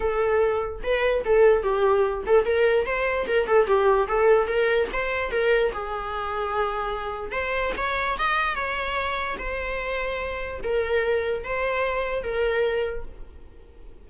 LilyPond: \new Staff \with { instrumentName = "viola" } { \time 4/4 \tempo 4 = 147 a'2 b'4 a'4 | g'4. a'8 ais'4 c''4 | ais'8 a'8 g'4 a'4 ais'4 | c''4 ais'4 gis'2~ |
gis'2 c''4 cis''4 | dis''4 cis''2 c''4~ | c''2 ais'2 | c''2 ais'2 | }